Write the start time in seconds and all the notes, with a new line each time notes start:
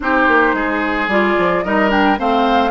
0.00 C4 D#4 G4 C5
0.27 A#3
0.53 G#3 G#4
1.07 G3 F4 D5
1.38 F3
1.63 G3 D#4 A#4 D#5
1.89 D4 G5
2.18 A3 C4 C5 F5